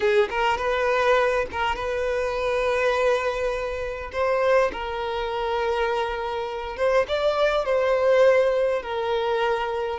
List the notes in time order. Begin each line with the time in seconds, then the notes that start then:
0.00 G#4
0.29 A#4
0.57 B4
1.51 A#4
1.75 B4
4.12 C5
4.72 A#4
6.76 C5
7.07 D5
7.65 C5
8.82 A#4